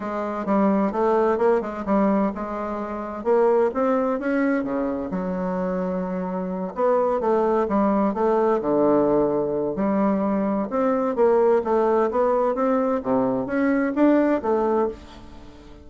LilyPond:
\new Staff \with { instrumentName = "bassoon" } { \time 4/4 \tempo 4 = 129 gis4 g4 a4 ais8 gis8 | g4 gis2 ais4 | c'4 cis'4 cis4 fis4~ | fis2~ fis8 b4 a8~ |
a8 g4 a4 d4.~ | d4 g2 c'4 | ais4 a4 b4 c'4 | c4 cis'4 d'4 a4 | }